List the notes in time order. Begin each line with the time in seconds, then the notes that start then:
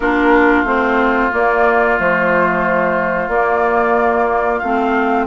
0.00 A#3 D4 F4 A#4
0.63 A3 C4 C5
1.31 A#3 D5
1.98 F3 A3 C5
3.28 A#3 D5
4.59 A3 C4 F5